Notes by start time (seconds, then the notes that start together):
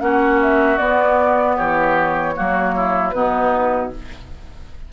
0.00 A#3 C#4 F#4 F#5
0.42 E5
0.78 B3 D5
1.56 E3 G4 C#5
2.35 F#3 A#3 F#4
2.75 E4
3.10 B2 B3 D#4 B4